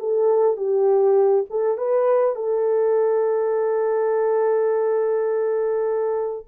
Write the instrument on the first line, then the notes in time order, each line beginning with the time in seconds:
horn
0.00 A4
0.57 G4
1.50 A4
1.78 B4
2.36 A4